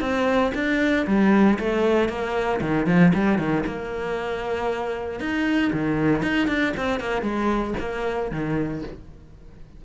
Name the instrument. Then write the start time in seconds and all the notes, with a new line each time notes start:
cello
0.00 C4
0.54 D4
1.07 G3
1.59 A3
2.08 A#3
2.61 D#3
2.86 F3
3.14 G3
3.38 D#3
3.66 A#3
5.20 D#4
5.72 D#3
6.22 D#4
6.47 D4
6.77 C4
7.00 A#3
7.22 G#3
7.79 A#3
8.31 D#3